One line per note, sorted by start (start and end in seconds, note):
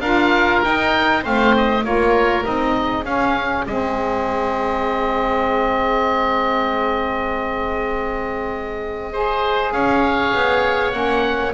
0.00 0.61 D4
0.00 0.64 F4
0.00 1.22 A#4
0.00 0.61 F5
0.64 1.21 D#4
0.64 1.25 D#4
0.64 1.24 G5
1.21 1.84 A3
1.21 1.82 C4
1.21 1.83 C5
1.21 1.55 F5
1.56 1.84 D#5
1.84 2.45 A#3
1.84 2.43 F4
1.84 2.77 A#4
1.84 2.45 C#5
2.43 3.04 C4
2.43 3.04 D#4
2.43 3.05 D#5
2.77 9.12 G#4
3.04 3.65 C#4
3.04 3.66 C#4
3.04 3.65 F5
3.66 9.72 G#3
3.66 9.13 C4
3.66 9.71 D#5
9.12 10.92 G#4
9.12 9.73 C5
9.71 10.32 C#4
9.71 11.54 C#5
9.71 10.92 F5
10.33 10.93 B3
10.92 11.54 A#3
10.92 11.53 C#4
10.92 11.52 F#5